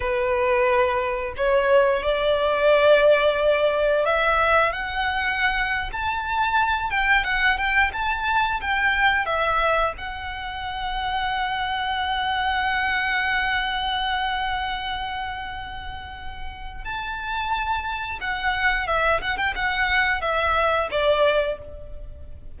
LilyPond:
\new Staff \with { instrumentName = "violin" } { \time 4/4 \tempo 4 = 89 b'2 cis''4 d''4~ | d''2 e''4 fis''4~ | fis''8. a''4. g''8 fis''8 g''8 a''16~ | a''8. g''4 e''4 fis''4~ fis''16~ |
fis''1~ | fis''1~ | fis''4 a''2 fis''4 | e''8 fis''16 g''16 fis''4 e''4 d''4 | }